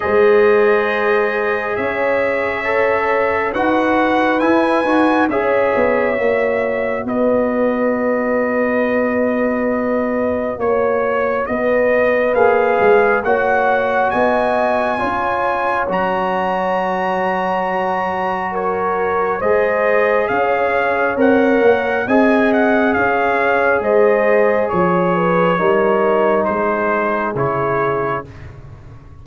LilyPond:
<<
  \new Staff \with { instrumentName = "trumpet" } { \time 4/4 \tempo 4 = 68 dis''2 e''2 | fis''4 gis''4 e''2 | dis''1 | cis''4 dis''4 f''4 fis''4 |
gis''2 ais''2~ | ais''4 cis''4 dis''4 f''4 | fis''4 gis''8 fis''8 f''4 dis''4 | cis''2 c''4 cis''4 | }
  \new Staff \with { instrumentName = "horn" } { \time 4/4 c''2 cis''2 | b'2 cis''2 | b'1 | cis''4 b'2 cis''4 |
dis''4 cis''2.~ | cis''4 ais'4 c''4 cis''4~ | cis''4 dis''4 cis''4 c''4 | cis''8 b'8 ais'4 gis'2 | }
  \new Staff \with { instrumentName = "trombone" } { \time 4/4 gis'2. a'4 | fis'4 e'8 fis'8 gis'4 fis'4~ | fis'1~ | fis'2 gis'4 fis'4~ |
fis'4 f'4 fis'2~ | fis'2 gis'2 | ais'4 gis'2.~ | gis'4 dis'2 e'4 | }
  \new Staff \with { instrumentName = "tuba" } { \time 4/4 gis2 cis'2 | dis'4 e'8 dis'8 cis'8 b8 ais4 | b1 | ais4 b4 ais8 gis8 ais4 |
b4 cis'4 fis2~ | fis2 gis4 cis'4 | c'8 ais8 c'4 cis'4 gis4 | f4 g4 gis4 cis4 | }
>>